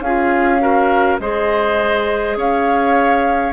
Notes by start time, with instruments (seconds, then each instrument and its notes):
0.00 bassoon C#4, clarinet F4, oboe G#4, flute F5
0.59 clarinet F#4, oboe A#4
1.19 bassoon G#3, clarinet G#4, oboe C5, flute D#5
2.36 bassoon C#4, oboe C#5, flute F5